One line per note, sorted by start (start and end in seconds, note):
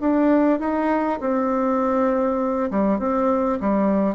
0.00 0.59 D4
0.59 1.19 D#4
1.20 2.70 C4
2.71 2.99 G3
2.99 3.59 C4
3.60 4.15 G3